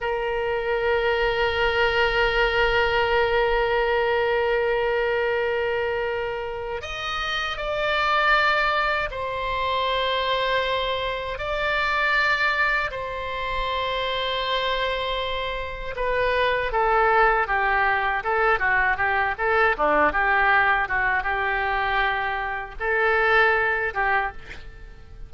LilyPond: \new Staff \with { instrumentName = "oboe" } { \time 4/4 \tempo 4 = 79 ais'1~ | ais'1~ | ais'4 dis''4 d''2 | c''2. d''4~ |
d''4 c''2.~ | c''4 b'4 a'4 g'4 | a'8 fis'8 g'8 a'8 d'8 g'4 fis'8 | g'2 a'4. g'8 | }